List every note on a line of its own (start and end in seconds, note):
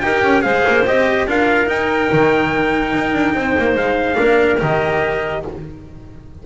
0.00 0.22 D#4
0.00 0.41 G4
0.00 0.43 A#4
0.00 0.42 G5
0.22 0.43 C#4
0.41 0.65 G#3
0.41 0.83 G#4
0.41 1.26 C5
0.41 0.83 F5
0.67 0.87 A#3
0.86 1.27 C4
0.86 1.27 G4
0.86 1.28 D#5
1.27 1.68 D4
1.27 1.66 F4
1.27 3.35 A#4
1.27 1.69 F5
1.66 4.14 D#4
1.66 2.10 D#4
1.66 3.76 G5
2.12 2.94 D#3
2.94 3.13 D#4
3.13 3.34 D4
3.35 3.56 C4
3.35 4.18 C5
3.58 3.75 A#3
3.75 4.16 G#3
3.75 4.60 F5
4.14 4.61 A#3
4.14 4.56 D4
4.14 5.43 A#4
4.59 5.45 D#3
4.59 5.43 G4
4.59 5.46 D#5